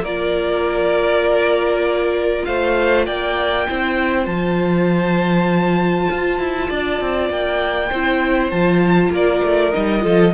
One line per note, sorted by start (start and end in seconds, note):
0.00 2.42 A#3
0.00 3.69 F4
0.00 2.46 A#4
0.00 2.44 D5
2.44 3.07 A3
2.44 3.06 C5
2.44 3.05 F5
3.06 3.67 A#3
3.06 3.66 D5
3.06 4.26 G5
3.69 4.26 C4
3.69 4.24 E4
3.69 6.69 C5
4.24 6.08 F3
4.24 7.87 F4
4.24 7.29 A5
6.11 6.39 F4
6.39 6.69 E4
6.69 7.01 D4
6.69 7.89 D5
7.01 7.29 C4
7.29 7.90 A#3
7.29 8.50 G5
7.89 8.52 C4
7.89 8.51 E4
7.89 9.10 C5
8.50 9.09 F3
8.50 9.73 F4
8.50 9.11 A5
9.09 9.40 A#3
9.09 10.03 A#4
9.09 9.73 D5
9.43 9.73 A3
9.73 10.04 G3
9.73 10.00 D#4
9.73 10.33 D#5
10.00 10.33 F3
10.00 10.30 F4
10.00 10.33 A4